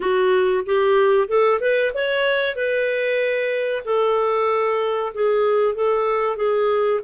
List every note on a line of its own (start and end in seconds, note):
0.00 0.64 F#4
0.65 1.28 G4
1.28 1.60 A4
1.60 1.92 B4
1.94 2.55 C#5
2.55 3.83 B4
3.85 5.12 A4
5.14 5.74 G#4
5.74 6.36 A4
6.36 7.00 G#4